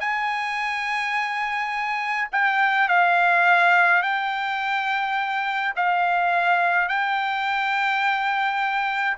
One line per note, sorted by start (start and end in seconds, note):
0.00 2.29 G#5
2.32 2.89 G5
2.89 4.02 F5
4.02 5.74 G5
5.76 6.89 F5
6.89 9.17 G5